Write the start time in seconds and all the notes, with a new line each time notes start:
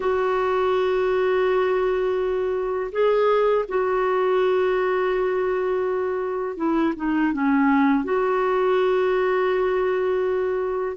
0.00 F#4
2.92 G#4
3.68 F#4
6.57 E4
6.96 D#4
7.32 C#4
8.04 F#4